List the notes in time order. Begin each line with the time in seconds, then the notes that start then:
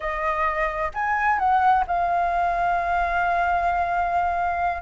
0.00 D#5
0.94 G#5
1.38 F#5
1.87 F5